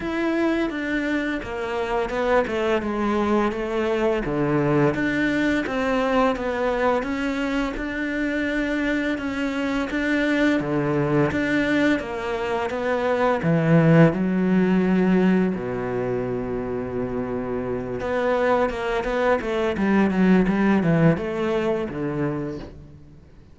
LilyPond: \new Staff \with { instrumentName = "cello" } { \time 4/4 \tempo 4 = 85 e'4 d'4 ais4 b8 a8 | gis4 a4 d4 d'4 | c'4 b4 cis'4 d'4~ | d'4 cis'4 d'4 d4 |
d'4 ais4 b4 e4 | fis2 b,2~ | b,4. b4 ais8 b8 a8 | g8 fis8 g8 e8 a4 d4 | }